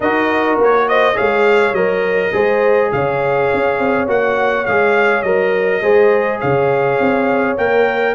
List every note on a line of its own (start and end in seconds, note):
0.00 0.57 D#4
0.00 1.14 F#4
0.00 0.85 A#4
0.00 0.58 D#5
0.57 1.16 A#3
0.57 0.88 C#5
0.88 1.15 C5
0.88 1.17 D#5
1.14 1.72 G#3
1.14 1.72 G#4
1.14 2.31 C#5
1.14 1.74 F5
1.72 2.30 F#3
1.72 2.32 A#4
1.72 2.91 D#5
2.32 2.91 G#3
2.32 4.07 G#4
2.32 2.91 C5
2.92 3.50 C#3
2.92 5.81 C#5
2.92 4.08 F5
3.53 3.79 C#4
3.79 4.07 C4
4.07 4.65 A#3
4.07 4.65 F#4
4.07 4.65 F#5
4.65 5.23 G#3
4.65 5.25 G#4
4.65 5.22 F5
5.22 5.81 F#3
5.22 5.82 A#4
5.22 6.38 D#5
5.81 6.40 G#3
5.81 7.57 G#4
5.81 6.39 C5
6.39 6.99 C#3
6.39 8.14 C#5
6.39 7.56 F5
6.99 7.57 C4
7.57 8.14 A#3
7.57 8.14 A#4
7.57 8.14 G5